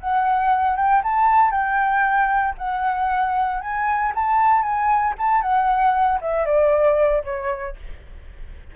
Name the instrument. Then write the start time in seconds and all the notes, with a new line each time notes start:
flute
0.00 F#5
0.76 G5
1.03 A5
1.51 G5
2.57 F#5
3.61 G#5
4.15 A5
4.62 G#5
5.18 A5
5.41 F#5
6.20 E5
6.45 D5
7.24 C#5